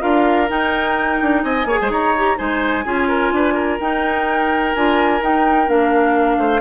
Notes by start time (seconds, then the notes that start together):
0.00 D4 F4 A#4 F5
0.48 D#4 G5
1.21 D4
1.43 C4 D#5 G#5
1.65 A#3 G#4 C#5
1.81 G#3 C5
1.89 D#4 C#5 A#5
2.17 G4
2.36 G#3 D#4 C5 G#5
2.84 C#4 F4 G#4
3.08 A#4
3.31 D4 B4
3.53 A#4
3.80 D#4 G5
4.75 D4 F4 G#5
5.20 D#4 G5
5.67 A#3 D4 F5
6.37 A3 C5